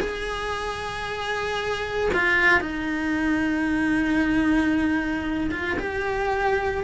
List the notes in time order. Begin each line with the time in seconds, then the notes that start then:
0.00 G#4
2.14 F4
2.61 D#4
5.51 F4
5.79 G4